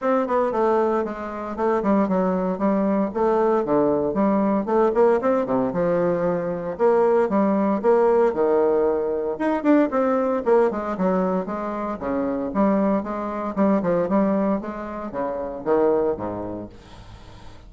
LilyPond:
\new Staff \with { instrumentName = "bassoon" } { \time 4/4 \tempo 4 = 115 c'8 b8 a4 gis4 a8 g8 | fis4 g4 a4 d4 | g4 a8 ais8 c'8 c8 f4~ | f4 ais4 g4 ais4 |
dis2 dis'8 d'8 c'4 | ais8 gis8 fis4 gis4 cis4 | g4 gis4 g8 f8 g4 | gis4 cis4 dis4 gis,4 | }